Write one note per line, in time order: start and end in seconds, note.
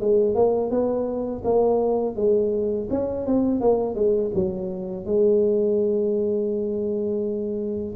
0.00 0.35 G#3
0.35 0.70 A#3
0.70 1.43 B3
1.44 2.16 A#3
2.16 2.88 G#3
2.90 3.26 C#4
3.26 3.60 C4
3.60 3.95 A#3
3.95 4.31 G#3
4.34 5.05 F#3
5.05 7.95 G#3